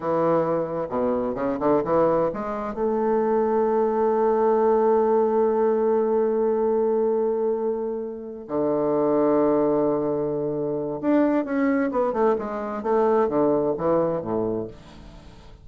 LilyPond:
\new Staff \with { instrumentName = "bassoon" } { \time 4/4 \tempo 4 = 131 e2 b,4 cis8 d8 | e4 gis4 a2~ | a1~ | a1~ |
a2~ a8 d4.~ | d1 | d'4 cis'4 b8 a8 gis4 | a4 d4 e4 a,4 | }